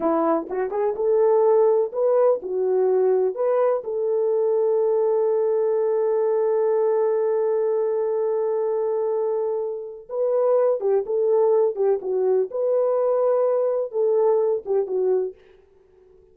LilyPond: \new Staff \with { instrumentName = "horn" } { \time 4/4 \tempo 4 = 125 e'4 fis'8 gis'8 a'2 | b'4 fis'2 b'4 | a'1~ | a'1~ |
a'1~ | a'4 b'4. g'8 a'4~ | a'8 g'8 fis'4 b'2~ | b'4 a'4. g'8 fis'4 | }